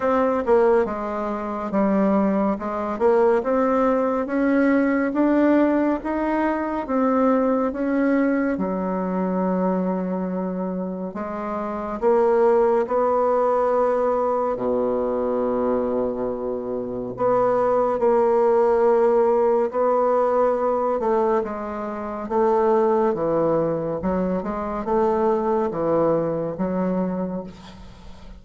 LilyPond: \new Staff \with { instrumentName = "bassoon" } { \time 4/4 \tempo 4 = 70 c'8 ais8 gis4 g4 gis8 ais8 | c'4 cis'4 d'4 dis'4 | c'4 cis'4 fis2~ | fis4 gis4 ais4 b4~ |
b4 b,2. | b4 ais2 b4~ | b8 a8 gis4 a4 e4 | fis8 gis8 a4 e4 fis4 | }